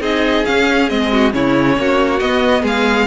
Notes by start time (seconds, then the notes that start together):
0.00 C4 D#4 G#4 D#5
0.45 C#4 F5
0.89 G#3 C4 D#5
1.12 F#4
1.31 C#3 C#4 E4 C#5
1.77 A#3 F#4
2.19 B3 D#5
2.62 G#3 G#4 F5